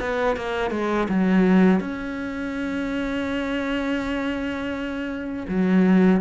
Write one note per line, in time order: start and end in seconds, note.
0.00 0.37 B3
0.37 0.71 A#3
0.71 1.07 G#3
1.09 1.80 F#3
1.80 5.46 C#4
5.48 6.21 F#3